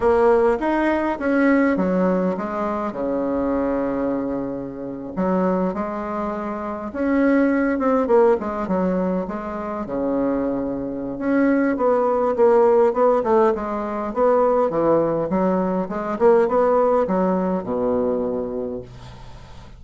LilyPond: \new Staff \with { instrumentName = "bassoon" } { \time 4/4 \tempo 4 = 102 ais4 dis'4 cis'4 fis4 | gis4 cis2.~ | cis8. fis4 gis2 cis'16~ | cis'4~ cis'16 c'8 ais8 gis8 fis4 gis16~ |
gis8. cis2~ cis16 cis'4 | b4 ais4 b8 a8 gis4 | b4 e4 fis4 gis8 ais8 | b4 fis4 b,2 | }